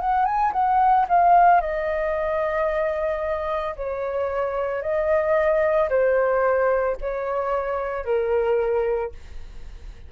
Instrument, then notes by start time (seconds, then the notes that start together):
flute
0.00 F#5
0.25 G#5
0.52 F#5
1.08 F5
1.61 D#5
3.75 C#5
4.82 D#5
5.89 C5
7.00 C#5
8.05 A#4